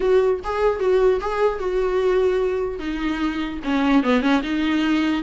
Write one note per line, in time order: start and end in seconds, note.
0.00 0.40 F#4
0.44 0.79 G#4
0.79 1.20 F#4
1.20 1.59 G#4
1.59 2.79 F#4
2.79 3.59 D#4
3.64 4.03 C#4
4.03 4.21 B3
4.21 4.41 C#4
4.43 5.22 D#4